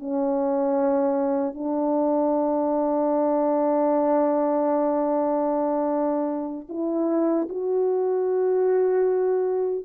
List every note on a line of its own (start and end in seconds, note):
0.00 1.55 C#4
1.55 6.68 D4
6.70 7.49 E4
7.49 9.86 F#4